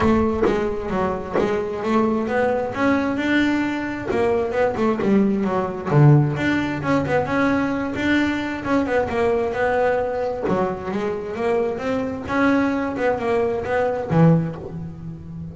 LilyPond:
\new Staff \with { instrumentName = "double bass" } { \time 4/4 \tempo 4 = 132 a4 gis4 fis4 gis4 | a4 b4 cis'4 d'4~ | d'4 ais4 b8 a8 g4 | fis4 d4 d'4 cis'8 b8 |
cis'4. d'4. cis'8 b8 | ais4 b2 fis4 | gis4 ais4 c'4 cis'4~ | cis'8 b8 ais4 b4 e4 | }